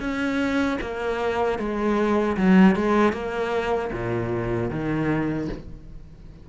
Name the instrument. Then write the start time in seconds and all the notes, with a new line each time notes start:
cello
0.00 C#4
0.81 A#3
1.58 G#3
2.37 F#3
2.75 G#3
3.12 A#3
3.92 A#2
4.70 D#3